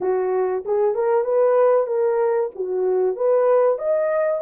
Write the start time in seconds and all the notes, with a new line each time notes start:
0.00 F#4
0.65 G#4
0.94 A#4
1.24 B4
1.86 A#4
2.55 F#4
3.16 B4
3.78 D#5